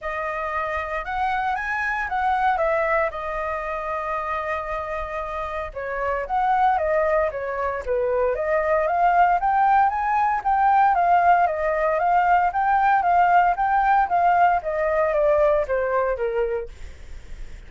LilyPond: \new Staff \with { instrumentName = "flute" } { \time 4/4 \tempo 4 = 115 dis''2 fis''4 gis''4 | fis''4 e''4 dis''2~ | dis''2. cis''4 | fis''4 dis''4 cis''4 b'4 |
dis''4 f''4 g''4 gis''4 | g''4 f''4 dis''4 f''4 | g''4 f''4 g''4 f''4 | dis''4 d''4 c''4 ais'4 | }